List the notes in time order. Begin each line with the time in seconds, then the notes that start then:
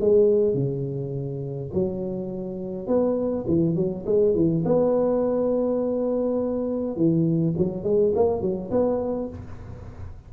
0.00 G#3
0.54 C#3
1.73 F#3
2.87 B3
3.47 E3
3.75 F#3
4.06 G#3
4.35 E3
4.65 B3
6.96 E3
7.58 F#3
7.83 G#3
8.15 A#3
8.41 F#3
8.70 B3